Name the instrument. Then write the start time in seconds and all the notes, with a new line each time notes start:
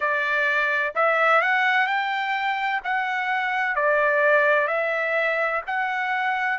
trumpet
0.00 D5
0.95 E5
1.41 F#5
1.87 G5
2.84 F#5
3.75 D5
4.67 E5
5.66 F#5